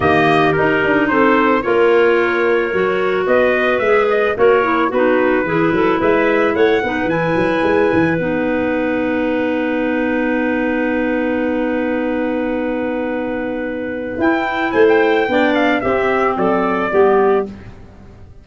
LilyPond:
<<
  \new Staff \with { instrumentName = "trumpet" } { \time 4/4 \tempo 4 = 110 dis''4 ais'4 c''4 cis''4~ | cis''2 dis''4 e''8 dis''8 | cis''4 b'2 e''4 | fis''4 gis''2 fis''4~ |
fis''1~ | fis''1~ | fis''2 g''4 gis''16 g''8.~ | g''8 f''8 e''4 d''2 | }
  \new Staff \with { instrumentName = "clarinet" } { \time 4/4 g'2 a'4 ais'4~ | ais'2 b'2 | ais'4 fis'4 gis'8 a'8 b'4 | cis''8 b'2.~ b'8~ |
b'1~ | b'1~ | b'2. c''4 | d''4 g'4 a'4 g'4 | }
  \new Staff \with { instrumentName = "clarinet" } { \time 4/4 ais4 dis'2 f'4~ | f'4 fis'2 gis'4 | fis'8 e'8 dis'4 e'2~ | e'8 dis'8 e'2 dis'4~ |
dis'1~ | dis'1~ | dis'2 e'2 | d'4 c'2 b4 | }
  \new Staff \with { instrumentName = "tuba" } { \time 4/4 dis4 dis'8 d'8 c'4 ais4~ | ais4 fis4 b4 gis4 | ais4 b4 e8 fis8 gis4 | a8 b8 e8 fis8 gis8 e8 b4~ |
b1~ | b1~ | b2 e'4 a4 | b4 c'4 fis4 g4 | }
>>